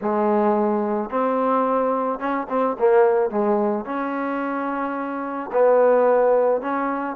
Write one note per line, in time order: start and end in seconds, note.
0.01 1.10 G#3
1.10 2.19 C4
2.19 2.46 C#4
2.49 2.76 C4
2.78 3.30 A#3
3.30 3.85 G#3
3.85 5.50 C#4
5.52 6.61 B3
6.61 7.16 C#4